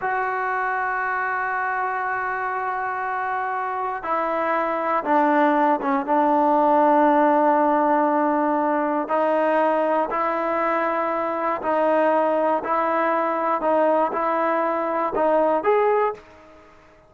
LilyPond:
\new Staff \with { instrumentName = "trombone" } { \time 4/4 \tempo 4 = 119 fis'1~ | fis'1 | e'2 d'4. cis'8 | d'1~ |
d'2 dis'2 | e'2. dis'4~ | dis'4 e'2 dis'4 | e'2 dis'4 gis'4 | }